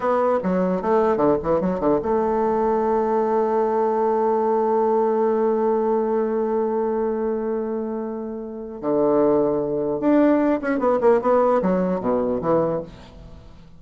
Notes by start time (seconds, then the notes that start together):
0.00 B3
0.43 F#3
0.81 A3
1.17 D3
1.42 E3
1.61 F#3
1.80 D3
2.02 A3
8.81 D3
10.00 D4
10.61 C#4
10.79 B3
11.00 A#3
11.21 B3
11.61 F#3
12.00 B2
12.41 E3